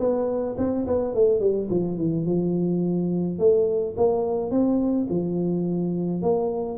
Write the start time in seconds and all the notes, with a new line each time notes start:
0.00 B3
0.58 C4
0.87 B3
1.15 A3
1.40 G3
1.70 F3
1.98 E3
2.26 F3
3.39 A3
3.97 A#3
4.51 C4
5.10 F3
6.22 A#3